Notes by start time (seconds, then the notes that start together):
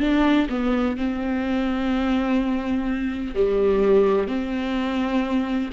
0.00 D4
0.49 B3
0.97 C4
3.35 G3
4.28 C4